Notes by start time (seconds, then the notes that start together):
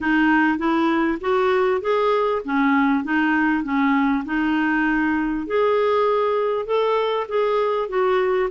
0.01 D#4
0.58 E4
1.20 F#4
1.81 G#4
2.44 C#4
3.03 D#4
3.63 C#4
4.25 D#4
5.46 G#4
6.66 A4
7.28 G#4
7.88 F#4